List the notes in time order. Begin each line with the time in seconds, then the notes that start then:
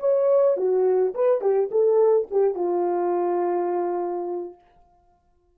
0.00 C#5
0.57 F#4
1.15 B4
1.42 G4
1.71 A4
2.31 G4
2.55 F4